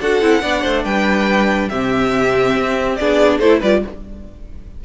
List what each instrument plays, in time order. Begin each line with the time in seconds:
0.00 cello D4, viola F#4, violin A4 F#5
0.21 cello C4, viola E4
0.41 cello B3, viola D4, violin D5
0.62 cello A3, violin C5
0.84 cello G3, violin B4 G5
1.69 cello C3, viola C4, violin G4 E5
2.55 cello C4
2.95 cello B3, viola D4, violin G#4 D5
3.38 cello A3, viola E4, violin A4 C5
3.59 cello G3, viola F4, violin B4 D5